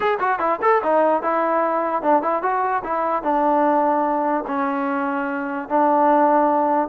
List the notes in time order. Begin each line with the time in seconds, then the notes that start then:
0.00 G#4
0.19 F#4
0.39 E4
0.61 A4
0.83 D#4
1.22 E4
2.02 D4
2.22 E4
2.42 F#4
2.83 E4
3.22 D4
4.47 C#4
5.68 D4